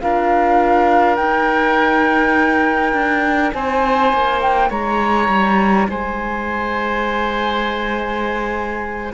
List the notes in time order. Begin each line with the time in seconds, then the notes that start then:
0.00 D4 F4 A#4 F5
1.15 D#4 G5
2.93 D4
3.53 C4 C5 G#5
4.13 A#3
4.41 G5
4.69 G#3 C#5 A#5
5.28 G3
5.88 G#3 C5 G#5